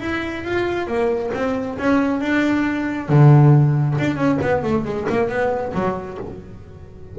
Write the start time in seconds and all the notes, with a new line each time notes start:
0.00 E4
0.44 F4
0.87 A#3
1.34 C4
1.78 C#4
2.20 D4
3.09 D3
3.99 D4
4.16 C#4
4.42 B3
4.63 A3
4.85 G#3
5.09 A#3
5.29 B3
5.74 F#3